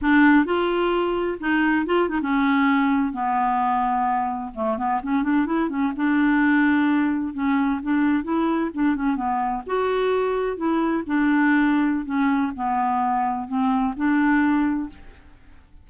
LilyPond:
\new Staff \with { instrumentName = "clarinet" } { \time 4/4 \tempo 4 = 129 d'4 f'2 dis'4 | f'8 dis'16 cis'2 b4~ b16~ | b4.~ b16 a8 b8 cis'8 d'8 e'16~ | e'16 cis'8 d'2. cis'16~ |
cis'8. d'4 e'4 d'8 cis'8 b16~ | b8. fis'2 e'4 d'16~ | d'2 cis'4 b4~ | b4 c'4 d'2 | }